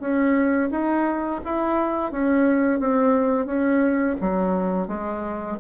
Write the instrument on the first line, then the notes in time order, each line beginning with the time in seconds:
bassoon
0.00 C#4
0.71 D#4
1.45 E4
2.12 C#4
2.80 C4
3.46 C#4
4.21 F#3
4.88 G#3